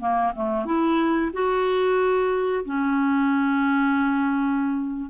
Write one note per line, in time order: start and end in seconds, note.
0.00 0.33 A#3
0.35 0.65 A3
0.65 1.31 E4
1.33 2.65 F#4
2.65 5.10 C#4